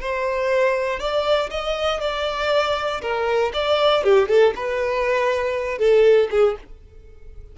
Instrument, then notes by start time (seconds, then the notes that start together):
violin
0.00 C5
0.99 D5
1.50 D#5
2.00 D5
3.01 A#4
3.53 D5
4.03 G4
4.28 A4
4.55 B4
5.78 A4
6.30 G#4